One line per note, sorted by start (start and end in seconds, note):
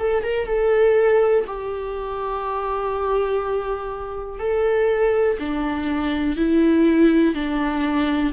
0.00 0.24 A4
0.24 0.47 A#4
0.47 1.45 A4
1.48 4.40 G4
4.40 5.38 A4
5.40 6.37 D4
6.37 7.35 E4
7.35 8.33 D4